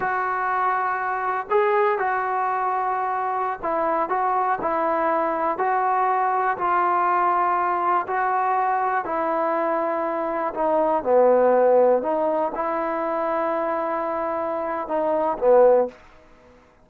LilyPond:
\new Staff \with { instrumentName = "trombone" } { \time 4/4 \tempo 4 = 121 fis'2. gis'4 | fis'2.~ fis'16 e'8.~ | e'16 fis'4 e'2 fis'8.~ | fis'4~ fis'16 f'2~ f'8.~ |
f'16 fis'2 e'4.~ e'16~ | e'4~ e'16 dis'4 b4.~ b16~ | b16 dis'4 e'2~ e'8.~ | e'2 dis'4 b4 | }